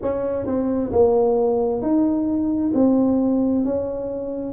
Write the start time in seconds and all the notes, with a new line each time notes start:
0.02 C#4
0.45 C4
0.91 A#3
1.81 D#4
2.74 C4
3.64 C#4